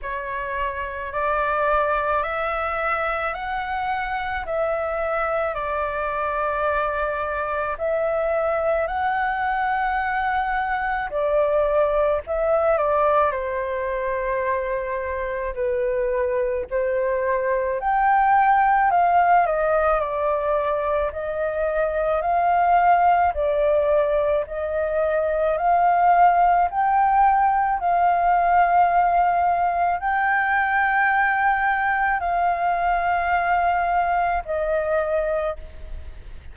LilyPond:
\new Staff \with { instrumentName = "flute" } { \time 4/4 \tempo 4 = 54 cis''4 d''4 e''4 fis''4 | e''4 d''2 e''4 | fis''2 d''4 e''8 d''8 | c''2 b'4 c''4 |
g''4 f''8 dis''8 d''4 dis''4 | f''4 d''4 dis''4 f''4 | g''4 f''2 g''4~ | g''4 f''2 dis''4 | }